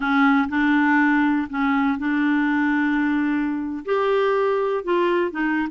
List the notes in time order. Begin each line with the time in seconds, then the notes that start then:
0.00 C#4
0.48 D4
1.49 C#4
1.98 D4
3.85 G4
4.84 F4
5.31 D#4